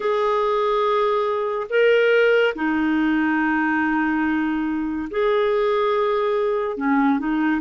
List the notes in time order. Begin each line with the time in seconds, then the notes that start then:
0.00 G#4
1.69 A#4
2.55 D#4
5.10 G#4
6.76 C#4
7.18 D#4